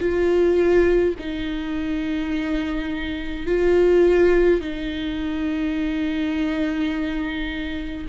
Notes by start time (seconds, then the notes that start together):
0.00 F4
1.20 D#4
3.47 F4
4.61 D#4